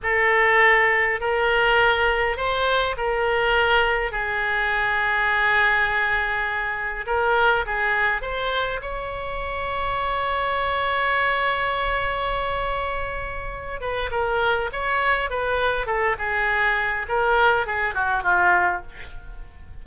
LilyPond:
\new Staff \with { instrumentName = "oboe" } { \time 4/4 \tempo 4 = 102 a'2 ais'2 | c''4 ais'2 gis'4~ | gis'1 | ais'4 gis'4 c''4 cis''4~ |
cis''1~ | cis''2.~ cis''8 b'8 | ais'4 cis''4 b'4 a'8 gis'8~ | gis'4 ais'4 gis'8 fis'8 f'4 | }